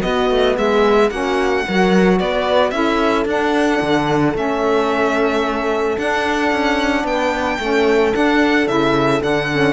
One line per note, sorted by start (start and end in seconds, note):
0.00 1.08 B3
0.00 0.30 B3
0.00 0.57 F#4
0.00 0.55 D#5
0.30 0.57 A3
0.57 1.10 G#3
0.57 1.10 G#4
0.57 1.10 E5
1.10 1.64 A#3
1.10 1.64 C#4
1.10 1.64 F#4
1.10 2.18 F#5
1.67 2.20 F#3
1.67 2.71 F#4
1.67 2.18 A#4
2.18 2.71 B3
2.18 2.72 B4
2.18 2.70 D5
2.70 3.25 C#4
2.70 3.25 E4
2.70 7.06 A4
2.70 3.24 E5
3.25 3.79 D4
3.25 4.34 D4
3.25 4.36 F#5
3.81 4.34 D3
4.34 5.96 A3
4.34 5.96 C#4
4.34 5.98 E5
5.98 6.52 D4
5.98 7.60 D4
5.98 7.06 F#5
6.52 7.03 C#4
7.03 7.58 B3
7.03 7.59 B4
7.03 8.14 G5
7.59 8.13 A3
7.59 8.13 C#4
7.59 9.73 A4
8.13 8.67 D4
8.13 8.67 F#5
8.67 9.21 C#3
8.67 9.20 E4
8.67 9.21 E5
9.20 9.73 D3
9.20 9.47 D4
9.20 9.73 F#5
9.51 9.73 C#4